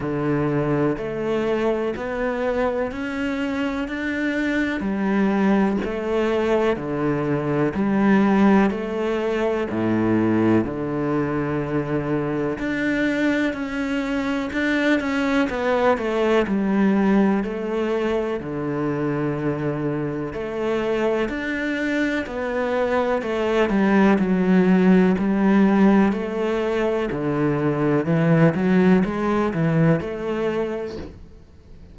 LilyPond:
\new Staff \with { instrumentName = "cello" } { \time 4/4 \tempo 4 = 62 d4 a4 b4 cis'4 | d'4 g4 a4 d4 | g4 a4 a,4 d4~ | d4 d'4 cis'4 d'8 cis'8 |
b8 a8 g4 a4 d4~ | d4 a4 d'4 b4 | a8 g8 fis4 g4 a4 | d4 e8 fis8 gis8 e8 a4 | }